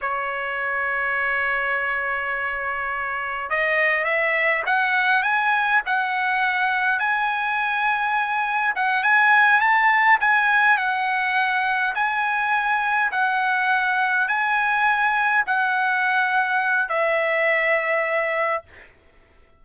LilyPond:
\new Staff \with { instrumentName = "trumpet" } { \time 4/4 \tempo 4 = 103 cis''1~ | cis''2 dis''4 e''4 | fis''4 gis''4 fis''2 | gis''2. fis''8 gis''8~ |
gis''8 a''4 gis''4 fis''4.~ | fis''8 gis''2 fis''4.~ | fis''8 gis''2 fis''4.~ | fis''4 e''2. | }